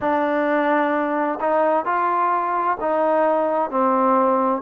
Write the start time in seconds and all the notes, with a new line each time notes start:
0.00 D4
1.40 D#4
1.85 F4
2.80 D#4
3.70 C4